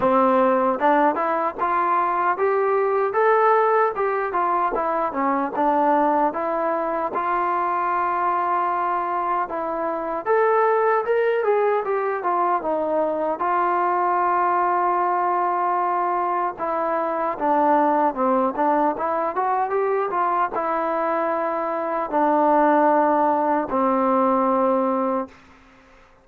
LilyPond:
\new Staff \with { instrumentName = "trombone" } { \time 4/4 \tempo 4 = 76 c'4 d'8 e'8 f'4 g'4 | a'4 g'8 f'8 e'8 cis'8 d'4 | e'4 f'2. | e'4 a'4 ais'8 gis'8 g'8 f'8 |
dis'4 f'2.~ | f'4 e'4 d'4 c'8 d'8 | e'8 fis'8 g'8 f'8 e'2 | d'2 c'2 | }